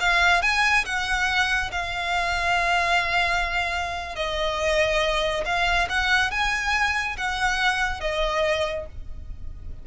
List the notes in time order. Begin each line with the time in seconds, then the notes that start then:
0.00 F5
0.42 G#5
0.85 F#5
1.71 F5
4.16 D#5
5.45 F5
5.89 F#5
6.31 G#5
7.17 F#5
8.00 D#5